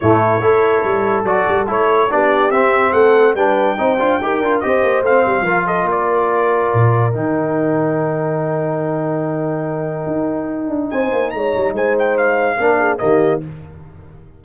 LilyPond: <<
  \new Staff \with { instrumentName = "trumpet" } { \time 4/4 \tempo 4 = 143 cis''2. d''4 | cis''4 d''4 e''4 fis''4 | g''2. dis''4 | f''4. dis''8 d''2~ |
d''4 g''2.~ | g''1~ | g''2 gis''4 ais''4 | gis''8 g''8 f''2 dis''4 | }
  \new Staff \with { instrumentName = "horn" } { \time 4/4 e'4 a'2.~ | a'4 g'2 a'4 | b'4 c''4 ais'4 c''4~ | c''4 ais'8 a'8 ais'2~ |
ais'1~ | ais'1~ | ais'2 c''4 cis''4 | c''2 ais'8 gis'8 g'4 | }
  \new Staff \with { instrumentName = "trombone" } { \time 4/4 a4 e'2 fis'4 | e'4 d'4 c'2 | d'4 dis'8 f'8 g'8 f'8 g'4 | c'4 f'2.~ |
f'4 dis'2.~ | dis'1~ | dis'1~ | dis'2 d'4 ais4 | }
  \new Staff \with { instrumentName = "tuba" } { \time 4/4 a,4 a4 g4 fis8 g8 | a4 b4 c'4 a4 | g4 c'8 d'8 dis'8 d'8 c'8 ais8 | a8 g8 f4 ais2 |
ais,4 dis2.~ | dis1 | dis'4. d'8 c'8 ais8 gis8 g8 | gis2 ais4 dis4 | }
>>